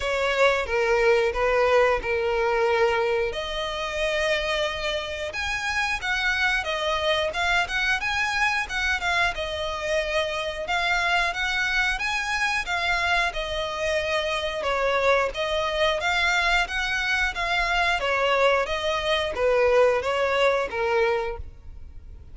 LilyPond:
\new Staff \with { instrumentName = "violin" } { \time 4/4 \tempo 4 = 90 cis''4 ais'4 b'4 ais'4~ | ais'4 dis''2. | gis''4 fis''4 dis''4 f''8 fis''8 | gis''4 fis''8 f''8 dis''2 |
f''4 fis''4 gis''4 f''4 | dis''2 cis''4 dis''4 | f''4 fis''4 f''4 cis''4 | dis''4 b'4 cis''4 ais'4 | }